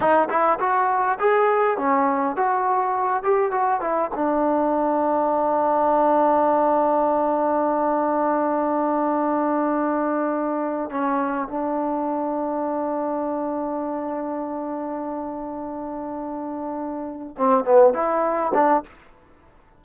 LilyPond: \new Staff \with { instrumentName = "trombone" } { \time 4/4 \tempo 4 = 102 dis'8 e'8 fis'4 gis'4 cis'4 | fis'4. g'8 fis'8 e'8 d'4~ | d'1~ | d'1~ |
d'2~ d'8 cis'4 d'8~ | d'1~ | d'1~ | d'4. c'8 b8 e'4 d'8 | }